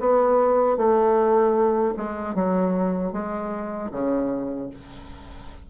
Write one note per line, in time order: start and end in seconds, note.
0.00 0.78 B3
0.78 1.94 A3
1.97 2.35 G#3
2.35 3.13 F#3
3.13 3.91 G#3
3.92 4.70 C#3